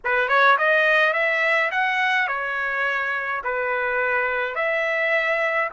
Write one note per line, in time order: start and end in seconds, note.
0.04 0.28 B4
0.28 0.56 C#5
0.58 1.13 D#5
1.13 1.70 E5
1.71 2.27 F#5
2.27 3.42 C#5
3.44 4.55 B4
4.55 5.69 E5